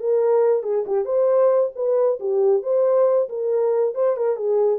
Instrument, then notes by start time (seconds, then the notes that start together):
horn
0.00 A#4
0.63 G#4
0.87 G4
1.05 C5
1.76 B4
2.20 G4
2.63 C5
3.29 A#4
3.95 C5
4.17 A#4
4.37 G#4